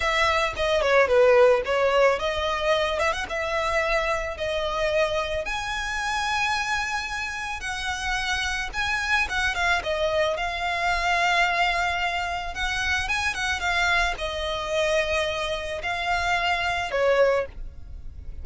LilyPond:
\new Staff \with { instrumentName = "violin" } { \time 4/4 \tempo 4 = 110 e''4 dis''8 cis''8 b'4 cis''4 | dis''4. e''16 fis''16 e''2 | dis''2 gis''2~ | gis''2 fis''2 |
gis''4 fis''8 f''8 dis''4 f''4~ | f''2. fis''4 | gis''8 fis''8 f''4 dis''2~ | dis''4 f''2 cis''4 | }